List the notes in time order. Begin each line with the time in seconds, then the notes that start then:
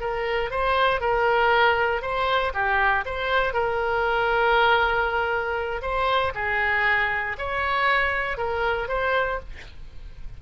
0.00 A#4
0.50 C5
1.00 A#4
2.02 C5
2.54 G4
3.05 C5
3.53 A#4
5.82 C5
6.34 G#4
7.38 C#5
8.37 A#4
8.88 C5